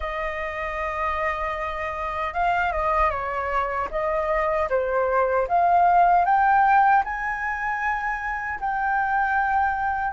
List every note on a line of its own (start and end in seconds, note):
0.00 2.33 D#5
2.33 2.72 F5
2.72 3.10 D#5
3.10 3.88 C#5
3.90 4.68 D#5
4.69 5.47 C5
5.48 6.25 F5
6.25 7.03 G5
7.04 8.60 G#5
8.60 10.13 G5